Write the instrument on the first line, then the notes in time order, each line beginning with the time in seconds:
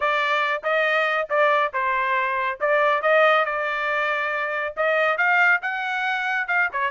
trumpet
0.00 D5
0.63 D#5
1.29 D5
1.73 C5
2.60 D5
3.01 D#5
3.45 D5
4.76 D#5
5.17 F5
5.62 F#5
6.47 F5
6.72 C#5